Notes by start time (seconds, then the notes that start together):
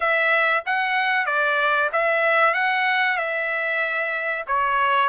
0.00 E5
0.66 F#5
1.26 D5
1.92 E5
2.54 F#5
3.17 E5
4.47 C#5